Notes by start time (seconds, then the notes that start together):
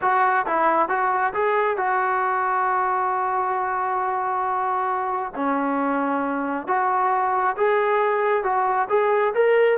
0.01 F#4
0.46 E4
0.88 F#4
1.33 G#4
1.77 F#4
5.35 C#4
6.67 F#4
7.56 G#4
8.43 F#4
8.89 G#4
9.34 A#4